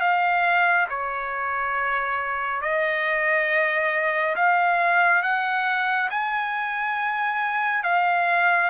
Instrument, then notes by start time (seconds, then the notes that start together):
trumpet
0.00 F5
0.89 C#5
2.62 D#5
4.36 F5
5.23 F#5
6.10 G#5
7.83 F5